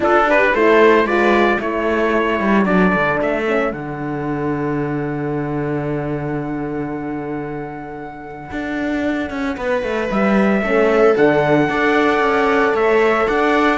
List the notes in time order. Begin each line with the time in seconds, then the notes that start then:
0.00 D4 F4 A4
0.27 G4 B4
0.53 A3 E4 A4 C5
1.04 G#3 F4 B4 D5
1.57 A3 E4 A4 C#5
2.39 G3
2.64 F#3 D4 D5
2.94 D3
3.20 A3 E5
3.47 C#4
3.72 D3 D4 F#5
8.51 D4
9.30 C#4
9.56 B3 B4
9.82 A3
10.11 G3 E5
10.61 A3 C#4 A4
11.16 D3 D4 F#5
11.69 D4 A4 D5
12.19 C#4
12.74 A3 C#5 E5
13.27 D4 D5 F#5